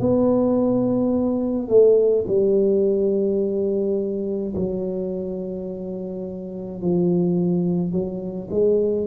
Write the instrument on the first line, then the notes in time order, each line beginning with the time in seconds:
tuba
0.00 B3
1.68 A3
2.28 G3
4.56 F#3
6.82 F3
7.92 F#3
8.51 G#3